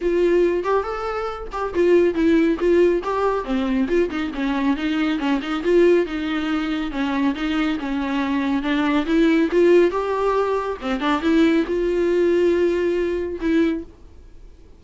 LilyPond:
\new Staff \with { instrumentName = "viola" } { \time 4/4 \tempo 4 = 139 f'4. g'8 a'4. g'8 | f'4 e'4 f'4 g'4 | c'4 f'8 dis'8 cis'4 dis'4 | cis'8 dis'8 f'4 dis'2 |
cis'4 dis'4 cis'2 | d'4 e'4 f'4 g'4~ | g'4 c'8 d'8 e'4 f'4~ | f'2. e'4 | }